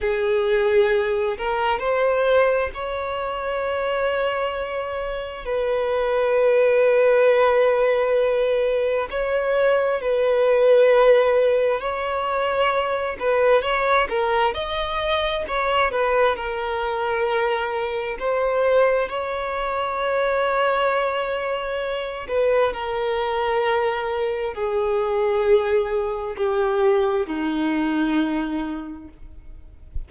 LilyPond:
\new Staff \with { instrumentName = "violin" } { \time 4/4 \tempo 4 = 66 gis'4. ais'8 c''4 cis''4~ | cis''2 b'2~ | b'2 cis''4 b'4~ | b'4 cis''4. b'8 cis''8 ais'8 |
dis''4 cis''8 b'8 ais'2 | c''4 cis''2.~ | cis''8 b'8 ais'2 gis'4~ | gis'4 g'4 dis'2 | }